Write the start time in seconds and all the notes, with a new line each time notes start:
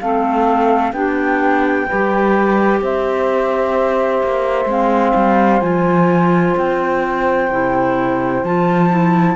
0.00 A3 C4 A4 F5
0.92 B3 D4 G4 G5
1.87 G3 G4 B4
2.81 C4 C5 E5
4.23 A#3
4.65 G#3 C4 F5
5.15 G3
5.61 F3 F4 G#5
6.57 C4 G5
7.51 C3 E4
8.43 F3 F4 A5
8.90 E4